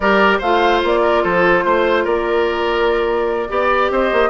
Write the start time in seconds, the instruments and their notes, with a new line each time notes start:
0.00 bassoon G3, clarinet G4, oboe A#4, flute D5
0.38 bassoon A3, clarinet F4, oboe C5, flute F5
0.83 bassoon A#3, flute D5
1.01 oboe A#4
1.23 bassoon F3, oboe A4, flute C5
1.64 bassoon A3, oboe C5
2.04 bassoon A#3, oboe A#4, flute D5
3.49 bassoon B3, clarinet G4, oboe D5
3.90 bassoon C4, oboe C5, flute D#5
4.12 bassoon A#3